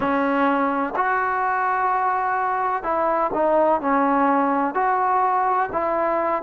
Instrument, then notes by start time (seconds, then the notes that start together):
trombone
0.00 C#4
0.96 F#4
2.83 E4
3.33 D#4
3.81 C#4
4.74 F#4
5.72 E4